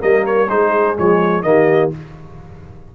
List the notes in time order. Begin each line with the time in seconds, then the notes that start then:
0.00 G3 A#3 A#4 D#5
0.26 C#5
0.49 G#3 D#4 G#4 C5
0.97 F3 G#3 C#5
1.43 D#3 A#3 G4 D#5